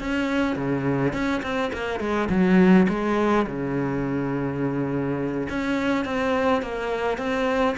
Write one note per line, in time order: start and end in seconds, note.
0.00 0.56 C#4
0.56 1.13 C#3
1.13 1.42 C#4
1.43 1.72 C4
1.74 2.00 A#3
2.00 2.29 G#3
2.30 2.88 F#3
2.89 3.47 G#3
3.47 5.49 C#3
5.50 6.06 C#4
6.06 6.63 C4
6.63 7.19 A#3
7.19 7.76 C4